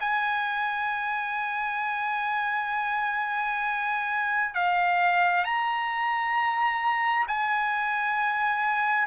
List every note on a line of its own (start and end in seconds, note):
0.00 4.54 G#5
4.54 5.44 F5
5.44 7.26 A#5
7.28 9.07 G#5